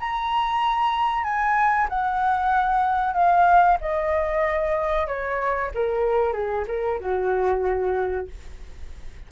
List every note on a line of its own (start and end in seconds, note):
0.00 1.24 A#5
1.24 1.88 G#5
1.89 3.14 F#5
3.14 3.78 F5
3.81 5.07 D#5
5.07 5.71 C#5
5.74 6.33 A#4
6.33 6.65 G#4
6.68 7.00 A#4
7.00 8.28 F#4